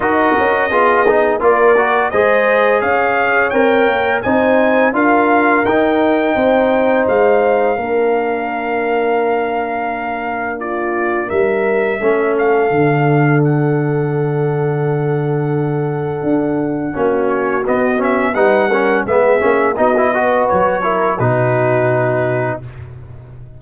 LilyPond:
<<
  \new Staff \with { instrumentName = "trumpet" } { \time 4/4 \tempo 4 = 85 dis''2 d''4 dis''4 | f''4 g''4 gis''4 f''4 | g''2 f''2~ | f''2. d''4 |
e''4. f''4. fis''4~ | fis''1~ | fis''8 cis''8 dis''8 e''8 fis''4 e''4 | dis''4 cis''4 b'2 | }
  \new Staff \with { instrumentName = "horn" } { \time 4/4 ais'4 gis'4 ais'4 c''4 | cis''2 c''4 ais'4~ | ais'4 c''2 ais'4~ | ais'2. f'4 |
ais'4 a'2.~ | a'1 | fis'2 b'8 ais'8 gis'4 | fis'8 b'4 ais'8 fis'2 | }
  \new Staff \with { instrumentName = "trombone" } { \time 4/4 fis'4 f'8 dis'8 f'8 fis'8 gis'4~ | gis'4 ais'4 dis'4 f'4 | dis'2. d'4~ | d'1~ |
d'4 cis'4 d'2~ | d'1 | cis'4 b8 cis'8 dis'8 cis'8 b8 cis'8 | dis'16 e'16 fis'4 e'8 dis'2 | }
  \new Staff \with { instrumentName = "tuba" } { \time 4/4 dis'8 cis'8 b4 ais4 gis4 | cis'4 c'8 ais8 c'4 d'4 | dis'4 c'4 gis4 ais4~ | ais1 |
g4 a4 d2~ | d2. d'4 | ais4 b4 g4 gis8 ais8 | b4 fis4 b,2 | }
>>